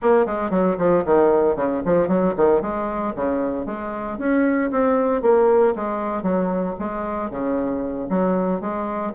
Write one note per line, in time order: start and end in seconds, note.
0.02 0.26 A#3
0.26 0.50 G#3
0.50 0.76 F#3
0.78 1.04 F3
1.05 1.55 D#3
1.55 1.81 C#3
1.85 2.08 F3
2.08 2.34 F#3
2.36 2.61 D#3
2.61 3.13 G#3
3.15 3.66 C#3
3.66 4.18 G#3
4.18 4.70 C#4
4.71 5.22 C4
5.22 5.74 A#3
5.75 6.23 G#3
6.23 6.75 F#3
6.79 7.30 G#3
7.30 8.08 C#3
8.09 8.60 F#3
8.60 9.12 G#3